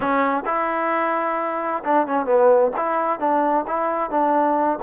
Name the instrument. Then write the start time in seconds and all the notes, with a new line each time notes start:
trombone
0.00 C#4
0.45 E4
1.83 D4
2.07 C#4
2.25 B3
2.76 E4
3.19 D4
3.67 E4
4.10 D4